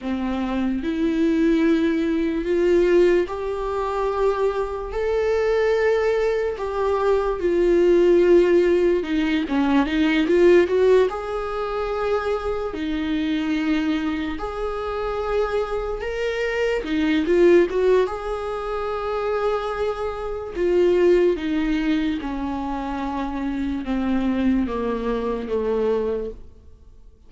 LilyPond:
\new Staff \with { instrumentName = "viola" } { \time 4/4 \tempo 4 = 73 c'4 e'2 f'4 | g'2 a'2 | g'4 f'2 dis'8 cis'8 | dis'8 f'8 fis'8 gis'2 dis'8~ |
dis'4. gis'2 ais'8~ | ais'8 dis'8 f'8 fis'8 gis'2~ | gis'4 f'4 dis'4 cis'4~ | cis'4 c'4 ais4 a4 | }